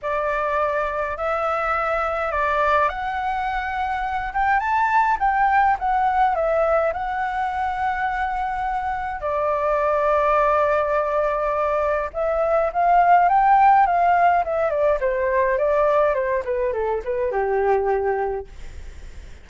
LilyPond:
\new Staff \with { instrumentName = "flute" } { \time 4/4 \tempo 4 = 104 d''2 e''2 | d''4 fis''2~ fis''8 g''8 | a''4 g''4 fis''4 e''4 | fis''1 |
d''1~ | d''4 e''4 f''4 g''4 | f''4 e''8 d''8 c''4 d''4 | c''8 b'8 a'8 b'8 g'2 | }